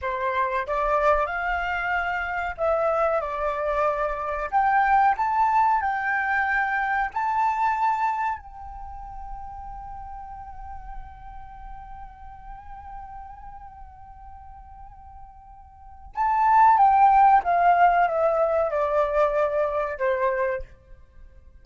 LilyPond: \new Staff \with { instrumentName = "flute" } { \time 4/4 \tempo 4 = 93 c''4 d''4 f''2 | e''4 d''2 g''4 | a''4 g''2 a''4~ | a''4 g''2.~ |
g''1~ | g''1~ | g''4 a''4 g''4 f''4 | e''4 d''2 c''4 | }